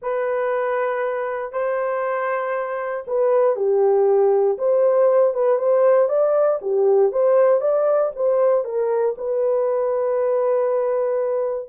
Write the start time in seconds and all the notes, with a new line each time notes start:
0.02 B4
1.52 C5
3.07 B4
3.55 G4
4.58 C5
5.34 B4
5.58 C5
6.08 D5
6.61 G4
7.12 C5
7.60 D5
8.15 C5
8.64 A#4
9.17 B4